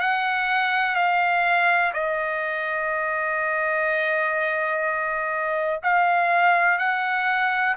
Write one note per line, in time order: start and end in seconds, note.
0.00 0.95 F#5
0.95 1.92 F5
1.94 5.81 D#5
5.83 6.79 F5
6.79 7.76 F#5